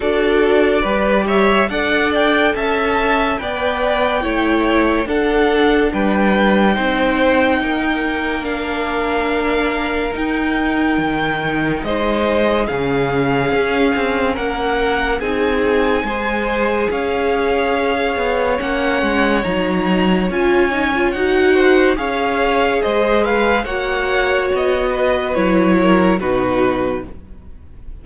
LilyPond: <<
  \new Staff \with { instrumentName = "violin" } { \time 4/4 \tempo 4 = 71 d''4. e''8 fis''8 g''8 a''4 | g''2 fis''4 g''4~ | g''2 f''2 | g''2 dis''4 f''4~ |
f''4 fis''4 gis''2 | f''2 fis''4 ais''4 | gis''4 fis''4 f''4 dis''8 f''8 | fis''4 dis''4 cis''4 b'4 | }
  \new Staff \with { instrumentName = "violin" } { \time 4/4 a'4 b'8 cis''8 d''4 e''4 | d''4 cis''4 a'4 b'4 | c''4 ais'2.~ | ais'2 c''4 gis'4~ |
gis'4 ais'4 gis'4 c''4 | cis''1~ | cis''4. c''8 cis''4 c''8 b'8 | cis''4. b'4 ais'8 fis'4 | }
  \new Staff \with { instrumentName = "viola" } { \time 4/4 fis'4 g'4 a'2 | b'4 e'4 d'2 | dis'2 d'2 | dis'2. cis'4~ |
cis'2 dis'4 gis'4~ | gis'2 cis'4 dis'4 | f'8 dis'16 f'16 fis'4 gis'2 | fis'2 e'4 dis'4 | }
  \new Staff \with { instrumentName = "cello" } { \time 4/4 d'4 g4 d'4 cis'4 | b4 a4 d'4 g4 | c'4 ais2. | dis'4 dis4 gis4 cis4 |
cis'8 c'8 ais4 c'4 gis4 | cis'4. b8 ais8 gis8 fis4 | cis'4 dis'4 cis'4 gis4 | ais4 b4 fis4 b,4 | }
>>